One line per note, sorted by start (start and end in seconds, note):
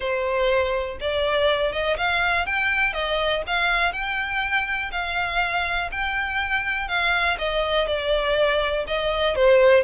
0.00 0.98 C5
1.00 1.72 D5
1.72 1.96 D#5
1.97 2.45 F5
2.45 2.93 G5
2.93 3.42 D#5
3.46 3.92 F5
3.92 4.90 G5
4.91 5.89 F5
5.91 6.87 G5
6.87 7.37 F5
7.38 7.87 D#5
7.87 8.85 D5
8.87 9.35 D#5
9.35 9.83 C5